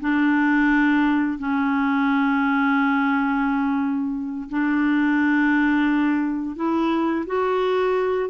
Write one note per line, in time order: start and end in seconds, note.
0.00 1.38 D4
1.38 4.48 C#4
4.49 6.55 D4
6.56 7.25 E4
7.26 8.29 F#4